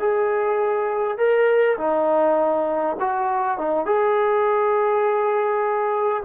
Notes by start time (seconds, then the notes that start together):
0.00 G#4
1.18 A#4
1.78 D#4
3.00 F#4
3.58 D#4
3.86 G#4